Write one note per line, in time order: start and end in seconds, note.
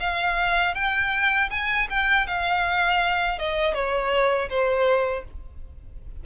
0.00 0.75 F5
0.75 1.50 G5
1.50 1.88 G#5
1.90 2.27 G5
2.27 3.39 F5
3.39 3.74 D#5
3.74 4.49 C#5
4.49 5.24 C5